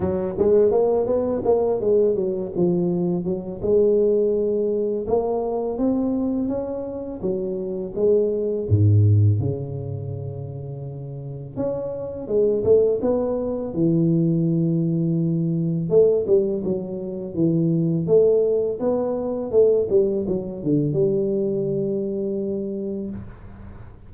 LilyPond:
\new Staff \with { instrumentName = "tuba" } { \time 4/4 \tempo 4 = 83 fis8 gis8 ais8 b8 ais8 gis8 fis8 f8~ | f8 fis8 gis2 ais4 | c'4 cis'4 fis4 gis4 | gis,4 cis2. |
cis'4 gis8 a8 b4 e4~ | e2 a8 g8 fis4 | e4 a4 b4 a8 g8 | fis8 d8 g2. | }